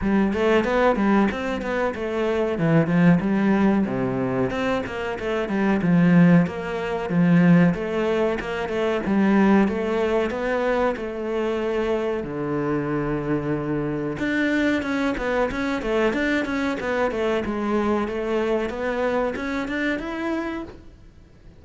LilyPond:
\new Staff \with { instrumentName = "cello" } { \time 4/4 \tempo 4 = 93 g8 a8 b8 g8 c'8 b8 a4 | e8 f8 g4 c4 c'8 ais8 | a8 g8 f4 ais4 f4 | a4 ais8 a8 g4 a4 |
b4 a2 d4~ | d2 d'4 cis'8 b8 | cis'8 a8 d'8 cis'8 b8 a8 gis4 | a4 b4 cis'8 d'8 e'4 | }